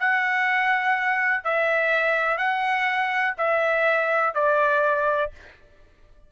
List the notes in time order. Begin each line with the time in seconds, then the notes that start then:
0.00 F#5
1.45 E5
2.38 F#5
3.38 E5
4.35 D5